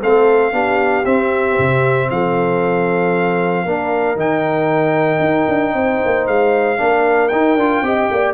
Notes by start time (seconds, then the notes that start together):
0.00 A3 C4 A4 F5
0.52 B3 D4 G4
1.05 C4 E5
1.58 C3
2.10 F3 A4 F5
3.65 A#3 D4 A#4
4.16 D#3 D#4 G5
5.19 D#4
5.48 D4
5.74 C4 C5
6.05 A#3
6.27 G#3 F5
6.77 A#3 D4 A#4
7.28 D#4 G5
7.55 D4 F4
7.82 C4 G4 D#5
8.10 A#3 D5